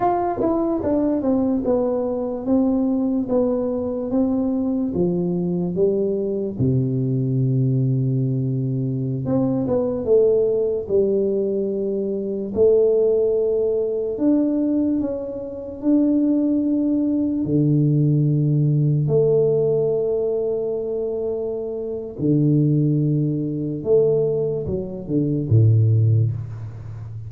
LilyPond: \new Staff \with { instrumentName = "tuba" } { \time 4/4 \tempo 4 = 73 f'8 e'8 d'8 c'8 b4 c'4 | b4 c'4 f4 g4 | c2.~ c16 c'8 b16~ | b16 a4 g2 a8.~ |
a4~ a16 d'4 cis'4 d'8.~ | d'4~ d'16 d2 a8.~ | a2. d4~ | d4 a4 fis8 d8 a,4 | }